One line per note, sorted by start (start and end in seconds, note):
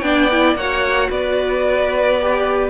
0.00 0.55 B3
0.00 0.30 D4
0.00 0.58 D5
0.00 0.54 G5
0.31 0.58 E4
0.55 1.09 A#3
0.55 2.20 F#4
0.55 1.09 C#5
0.55 1.11 F#5
1.09 2.70 B3
1.09 2.70 B4
1.09 2.70 D5
2.21 2.70 G4